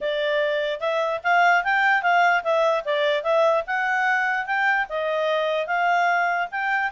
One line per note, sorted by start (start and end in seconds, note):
0.00 0.80 D5
0.80 1.20 E5
1.23 1.64 F5
1.64 2.02 G5
2.02 2.43 F5
2.43 2.84 E5
2.84 3.23 D5
3.23 3.63 E5
3.66 4.46 F#5
4.46 4.86 G5
4.89 5.66 D#5
5.66 6.48 F5
6.51 6.91 G5